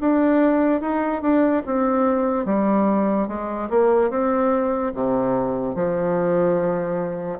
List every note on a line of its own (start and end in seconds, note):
0.00 0.81 D4
0.81 1.21 D#4
1.21 1.63 D4
1.66 2.45 C4
2.45 3.28 G3
3.28 3.69 G#3
3.69 4.10 A#3
4.10 4.92 C4
4.94 5.75 C3
5.75 7.39 F3